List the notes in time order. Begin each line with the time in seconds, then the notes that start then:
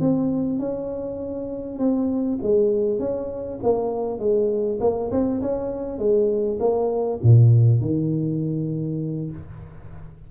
0.00 C4
0.59 C#4
1.79 C4
2.42 G#3
2.99 C#4
3.62 A#3
4.19 G#3
4.80 A#3
5.11 C4
5.42 C#4
5.98 G#3
6.59 A#3
7.22 A#2
7.81 D#3